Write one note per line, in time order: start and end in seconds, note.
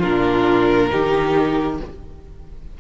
0.00 0.91 A#2
0.00 0.90 D4
0.00 0.88 F4
0.00 1.78 A#4
0.90 1.80 D#3
0.90 1.78 D#4
0.90 1.79 G4